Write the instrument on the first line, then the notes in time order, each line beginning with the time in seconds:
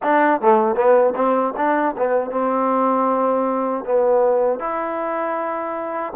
trombone
0.02 D4
0.41 A3
0.75 B3
1.15 C4
1.57 D4
1.97 B3
2.30 C4
3.84 B3
4.59 E4